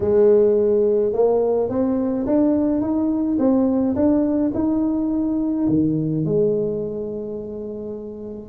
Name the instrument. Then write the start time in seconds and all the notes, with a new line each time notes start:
tuba
0.00 G#3
1.12 A#3
1.69 C4
2.26 D4
2.81 D#4
3.38 C4
3.95 D4
4.54 D#4
5.68 D#3
6.25 G#3